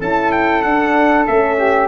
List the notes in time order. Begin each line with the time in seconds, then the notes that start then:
0.00 C#4 E4 A4 A5
0.32 G5
0.62 D4 F#5
1.27 A3 C#4 E5
1.58 G4